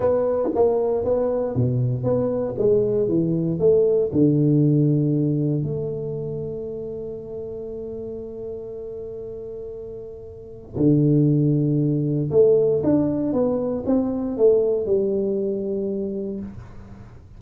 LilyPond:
\new Staff \with { instrumentName = "tuba" } { \time 4/4 \tempo 4 = 117 b4 ais4 b4 b,4 | b4 gis4 e4 a4 | d2. a4~ | a1~ |
a1~ | a4 d2. | a4 d'4 b4 c'4 | a4 g2. | }